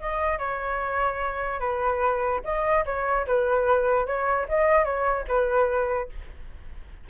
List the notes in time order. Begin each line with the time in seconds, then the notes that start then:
0.00 D#5
0.39 C#5
1.60 B4
2.44 D#5
2.86 C#5
3.27 B4
4.06 C#5
4.49 D#5
4.85 C#5
5.28 B4